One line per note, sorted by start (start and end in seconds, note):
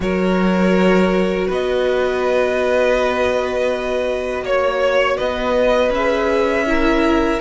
0.00 1.47 F#3
0.00 5.91 F#4
0.00 1.47 A#4
0.00 1.49 C#5
1.47 4.42 B3
1.47 4.44 B4
1.47 4.46 D#5
4.42 5.16 A#3
4.42 5.17 C#5
5.17 5.89 B3
5.17 6.65 B4
5.17 5.91 D#5
5.89 7.37 C#4
5.89 6.66 G#4
5.89 7.40 E5
6.66 7.40 E4
6.66 7.40 A#4